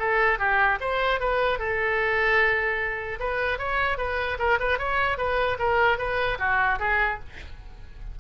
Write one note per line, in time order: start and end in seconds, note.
0.00 0.39 A4
0.39 0.79 G4
0.81 1.21 C5
1.21 1.59 B4
1.59 3.19 A4
3.20 3.59 B4
3.59 3.98 C#5
3.98 4.38 B4
4.39 4.59 A#4
4.60 4.79 B4
4.79 5.18 C#5
5.18 5.58 B4
5.59 5.99 A#4
5.99 6.39 B4
6.39 6.79 F#4
6.80 7.20 G#4